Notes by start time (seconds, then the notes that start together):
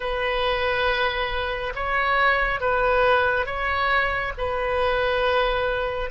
0.00 B4
1.75 C#5
2.60 B4
3.45 C#5
4.37 B4